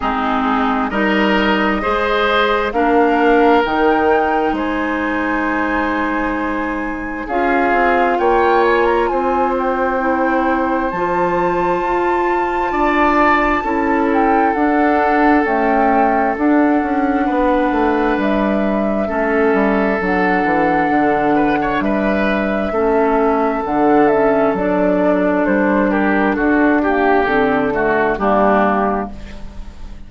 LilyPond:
<<
  \new Staff \with { instrumentName = "flute" } { \time 4/4 \tempo 4 = 66 gis'4 dis''2 f''4 | g''4 gis''2. | f''4 g''8 gis''16 ais''16 gis''8 g''4. | a''2.~ a''8 g''8 |
fis''4 g''4 fis''2 | e''2 fis''2 | e''2 fis''8 e''8 d''4 | c''8 ais'8 a'8 g'8 a'4 g'4 | }
  \new Staff \with { instrumentName = "oboe" } { \time 4/4 dis'4 ais'4 c''4 ais'4~ | ais'4 c''2. | gis'4 cis''4 c''2~ | c''2 d''4 a'4~ |
a'2. b'4~ | b'4 a'2~ a'8 b'16 cis''16 | b'4 a'2.~ | a'8 g'8 fis'8 g'4 fis'8 d'4 | }
  \new Staff \with { instrumentName = "clarinet" } { \time 4/4 c'4 dis'4 gis'4 d'4 | dis'1 | f'2. e'4 | f'2. e'4 |
d'4 a4 d'2~ | d'4 cis'4 d'2~ | d'4 cis'4 d'8 cis'8 d'4~ | d'4. ais8 c'8 a8 ais4 | }
  \new Staff \with { instrumentName = "bassoon" } { \time 4/4 gis4 g4 gis4 ais4 | dis4 gis2. | cis'8 c'8 ais4 c'2 | f4 f'4 d'4 cis'4 |
d'4 cis'4 d'8 cis'8 b8 a8 | g4 a8 g8 fis8 e8 d4 | g4 a4 d4 fis4 | g4 d'4 d4 g4 | }
>>